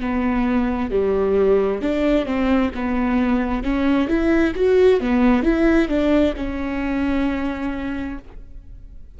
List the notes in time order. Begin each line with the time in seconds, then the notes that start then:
0.00 B3
0.91 G3
1.81 D4
2.25 C4
2.74 B3
3.63 C#4
4.08 E4
4.55 F#4
5.00 B3
5.43 E4
5.88 D4
6.36 C#4